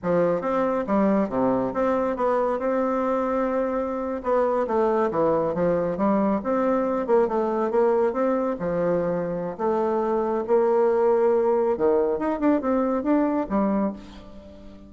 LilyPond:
\new Staff \with { instrumentName = "bassoon" } { \time 4/4 \tempo 4 = 138 f4 c'4 g4 c4 | c'4 b4 c'2~ | c'4.~ c'16 b4 a4 e16~ | e8. f4 g4 c'4~ c'16~ |
c'16 ais8 a4 ais4 c'4 f16~ | f2 a2 | ais2. dis4 | dis'8 d'8 c'4 d'4 g4 | }